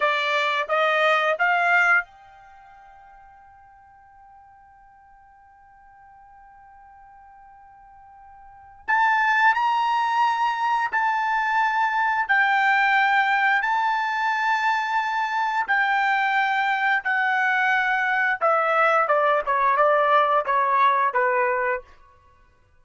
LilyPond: \new Staff \with { instrumentName = "trumpet" } { \time 4/4 \tempo 4 = 88 d''4 dis''4 f''4 g''4~ | g''1~ | g''1~ | g''4 a''4 ais''2 |
a''2 g''2 | a''2. g''4~ | g''4 fis''2 e''4 | d''8 cis''8 d''4 cis''4 b'4 | }